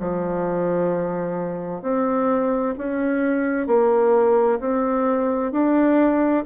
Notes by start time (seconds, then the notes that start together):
0.00 F3
1.83 C4
2.78 C#4
3.68 A#3
4.60 C4
5.53 D4